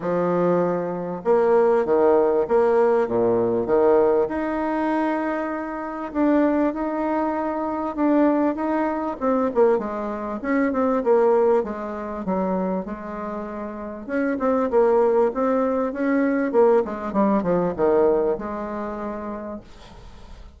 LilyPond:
\new Staff \with { instrumentName = "bassoon" } { \time 4/4 \tempo 4 = 98 f2 ais4 dis4 | ais4 ais,4 dis4 dis'4~ | dis'2 d'4 dis'4~ | dis'4 d'4 dis'4 c'8 ais8 |
gis4 cis'8 c'8 ais4 gis4 | fis4 gis2 cis'8 c'8 | ais4 c'4 cis'4 ais8 gis8 | g8 f8 dis4 gis2 | }